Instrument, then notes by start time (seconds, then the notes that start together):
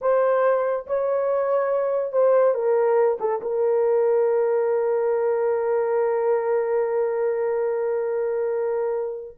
horn
0.01 C5
0.86 C#5
2.12 C5
2.54 A#4
3.20 A4
3.41 A#4